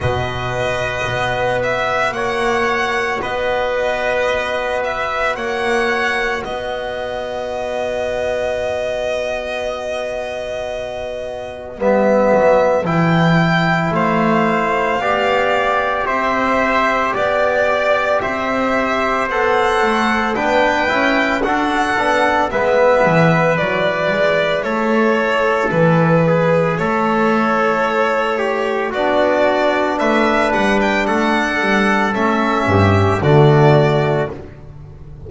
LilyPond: <<
  \new Staff \with { instrumentName = "violin" } { \time 4/4 \tempo 4 = 56 dis''4. e''8 fis''4 dis''4~ | dis''8 e''8 fis''4 dis''2~ | dis''2. e''4 | g''4 f''2 e''4 |
d''4 e''4 fis''4 g''4 | fis''4 e''4 d''4 cis''4 | b'4 cis''2 d''4 | e''8 fis''16 g''16 fis''4 e''4 d''4 | }
  \new Staff \with { instrumentName = "trumpet" } { \time 4/4 b'2 cis''4 b'4~ | b'4 cis''4 b'2~ | b'1~ | b'4 c''4 d''4 c''4 |
d''4 c''2 b'4 | a'4 b'2 a'4~ | a'8 gis'8 a'4. g'8 fis'4 | b'4 a'4. g'8 fis'4 | }
  \new Staff \with { instrumentName = "trombone" } { \time 4/4 fis'1~ | fis'1~ | fis'2. b4 | e'2 g'2~ |
g'2 a'4 d'8 e'8 | fis'8 d'8 b4 e'2~ | e'2. d'4~ | d'2 cis'4 a4 | }
  \new Staff \with { instrumentName = "double bass" } { \time 4/4 b,4 b4 ais4 b4~ | b4 ais4 b2~ | b2. g8 fis8 | e4 a4 b4 c'4 |
b4 c'4 b8 a8 b8 cis'8 | d'8 b8 gis8 e8 fis8 gis8 a4 | e4 a2 b4 | a8 g8 a8 g8 a8 g,8 d4 | }
>>